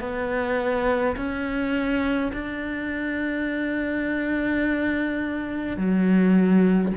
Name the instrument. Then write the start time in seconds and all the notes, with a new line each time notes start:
cello
0.00 B3
1.16 C#4
2.32 D4
5.77 F#3